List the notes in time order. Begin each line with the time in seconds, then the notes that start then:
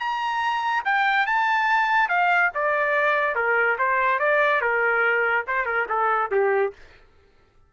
0.00 A#5
0.85 G5
1.27 A5
2.09 F5
2.55 D5
3.36 A#4
3.79 C5
4.20 D5
4.62 A#4
5.48 C5
5.66 A#4
5.89 A4
6.31 G4